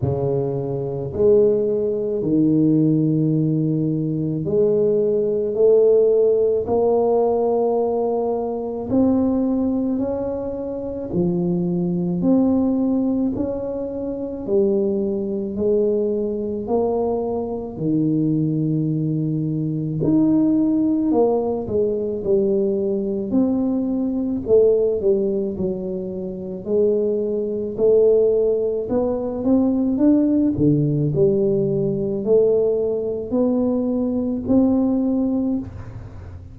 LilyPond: \new Staff \with { instrumentName = "tuba" } { \time 4/4 \tempo 4 = 54 cis4 gis4 dis2 | gis4 a4 ais2 | c'4 cis'4 f4 c'4 | cis'4 g4 gis4 ais4 |
dis2 dis'4 ais8 gis8 | g4 c'4 a8 g8 fis4 | gis4 a4 b8 c'8 d'8 d8 | g4 a4 b4 c'4 | }